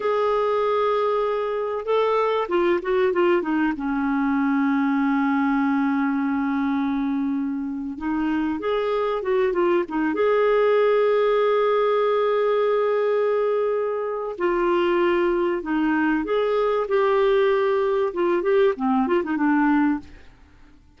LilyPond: \new Staff \with { instrumentName = "clarinet" } { \time 4/4 \tempo 4 = 96 gis'2. a'4 | f'8 fis'8 f'8 dis'8 cis'2~ | cis'1~ | cis'8. dis'4 gis'4 fis'8 f'8 dis'16~ |
dis'16 gis'2.~ gis'8.~ | gis'2. f'4~ | f'4 dis'4 gis'4 g'4~ | g'4 f'8 g'8 c'8 f'16 dis'16 d'4 | }